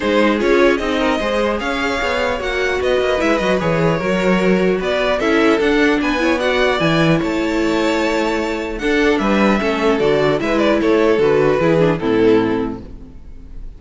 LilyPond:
<<
  \new Staff \with { instrumentName = "violin" } { \time 4/4 \tempo 4 = 150 c''4 cis''4 dis''2 | f''2 fis''4 dis''4 | e''8 dis''8 cis''2. | d''4 e''4 fis''4 gis''4 |
fis''4 gis''4 a''2~ | a''2 fis''4 e''4~ | e''4 d''4 e''8 d''8 cis''4 | b'2 a'2 | }
  \new Staff \with { instrumentName = "violin" } { \time 4/4 gis'2~ gis'8 ais'8 c''4 | cis''2. b'4~ | b'2 ais'2 | b'4 a'2 b'8 cis''8 |
d''2 cis''2~ | cis''2 a'4 b'4 | a'2 b'4 a'4~ | a'4 gis'4 e'2 | }
  \new Staff \with { instrumentName = "viola" } { \time 4/4 dis'4 f'4 dis'4 gis'4~ | gis'2 fis'2 | e'8 fis'8 gis'4 fis'2~ | fis'4 e'4 d'4. e'8 |
fis'4 e'2.~ | e'2 d'2 | cis'4 fis'4 e'2 | fis'4 e'8 d'8 c'2 | }
  \new Staff \with { instrumentName = "cello" } { \time 4/4 gis4 cis'4 c'4 gis4 | cis'4 b4 ais4 b8 ais8 | gis8 fis8 e4 fis2 | b4 cis'4 d'4 b4~ |
b4 e4 a2~ | a2 d'4 g4 | a4 d4 gis4 a4 | d4 e4 a,2 | }
>>